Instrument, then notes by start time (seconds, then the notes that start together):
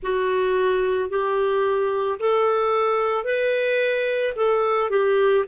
clarinet
0.02 F#4
1.09 G4
2.19 A4
3.24 B4
4.35 A4
4.90 G4